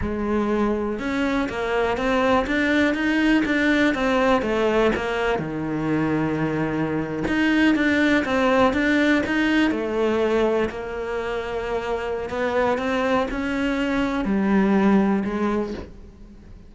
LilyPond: \new Staff \with { instrumentName = "cello" } { \time 4/4 \tempo 4 = 122 gis2 cis'4 ais4 | c'4 d'4 dis'4 d'4 | c'4 a4 ais4 dis4~ | dis2~ dis8. dis'4 d'16~ |
d'8. c'4 d'4 dis'4 a16~ | a4.~ a16 ais2~ ais16~ | ais4 b4 c'4 cis'4~ | cis'4 g2 gis4 | }